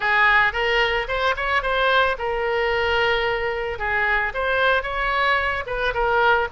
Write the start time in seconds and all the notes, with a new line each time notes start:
0.00 G#4
0.53 A#4
1.08 C5
1.36 C#5
1.62 C5
2.18 A#4
3.78 G#4
4.34 C5
4.82 C#5
5.66 B4
5.94 A#4